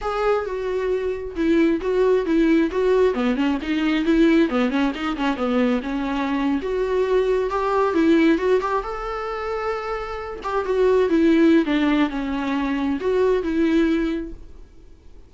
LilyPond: \new Staff \with { instrumentName = "viola" } { \time 4/4 \tempo 4 = 134 gis'4 fis'2 e'4 | fis'4 e'4 fis'4 b8 cis'8 | dis'4 e'4 b8 cis'8 dis'8 cis'8 | b4 cis'4.~ cis'16 fis'4~ fis'16~ |
fis'8. g'4 e'4 fis'8 g'8 a'16~ | a'2.~ a'16 g'8 fis'16~ | fis'8. e'4~ e'16 d'4 cis'4~ | cis'4 fis'4 e'2 | }